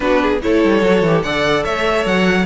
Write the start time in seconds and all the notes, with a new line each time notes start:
0.00 B3 D4 F#4 B4
0.21 G#4
0.42 A3 E4 A4 C#5
0.64 G3
0.82 F#3 F#4
1.02 E3 G4
1.22 D3 A4 D5 F#5
1.64 A3 C#5 E5
2.05 F#3 F#5